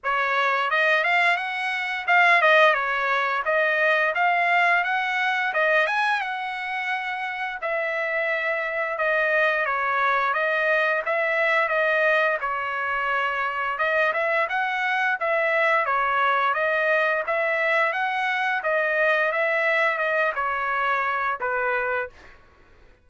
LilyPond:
\new Staff \with { instrumentName = "trumpet" } { \time 4/4 \tempo 4 = 87 cis''4 dis''8 f''8 fis''4 f''8 dis''8 | cis''4 dis''4 f''4 fis''4 | dis''8 gis''8 fis''2 e''4~ | e''4 dis''4 cis''4 dis''4 |
e''4 dis''4 cis''2 | dis''8 e''8 fis''4 e''4 cis''4 | dis''4 e''4 fis''4 dis''4 | e''4 dis''8 cis''4. b'4 | }